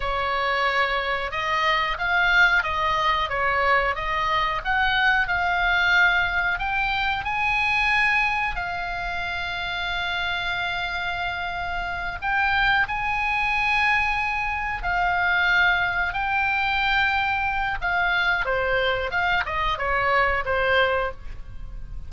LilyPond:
\new Staff \with { instrumentName = "oboe" } { \time 4/4 \tempo 4 = 91 cis''2 dis''4 f''4 | dis''4 cis''4 dis''4 fis''4 | f''2 g''4 gis''4~ | gis''4 f''2.~ |
f''2~ f''8 g''4 gis''8~ | gis''2~ gis''8 f''4.~ | f''8 g''2~ g''8 f''4 | c''4 f''8 dis''8 cis''4 c''4 | }